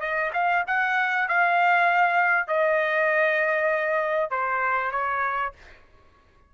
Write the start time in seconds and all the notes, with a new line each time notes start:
0.00 D#5
0.33 F5
0.67 F#5
1.28 F5
2.47 D#5
4.30 C5
4.91 C#5